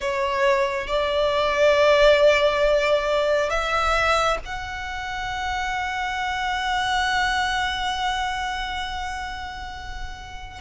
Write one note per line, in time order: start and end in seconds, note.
0.00 0.87 C#5
0.87 3.49 D5
3.49 4.38 E5
4.45 10.60 F#5